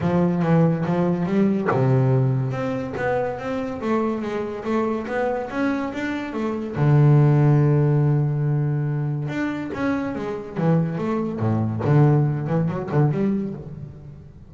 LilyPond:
\new Staff \with { instrumentName = "double bass" } { \time 4/4 \tempo 4 = 142 f4 e4 f4 g4 | c2 c'4 b4 | c'4 a4 gis4 a4 | b4 cis'4 d'4 a4 |
d1~ | d2 d'4 cis'4 | gis4 e4 a4 a,4 | d4. e8 fis8 d8 g4 | }